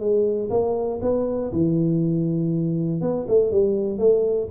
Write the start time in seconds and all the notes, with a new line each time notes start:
0.00 G#3
0.50 A#3
1.02 B3
1.52 E3
3.02 B3
3.28 A3
3.52 G3
3.99 A3